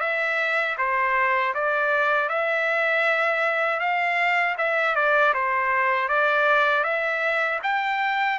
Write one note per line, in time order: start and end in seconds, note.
0.00 0.76 E5
0.78 1.54 C5
1.54 2.29 D5
2.29 3.79 E5
3.79 4.55 F5
4.57 4.95 E5
4.95 5.33 D5
5.34 6.08 C5
6.08 6.83 D5
6.83 7.59 E5
7.63 8.39 G5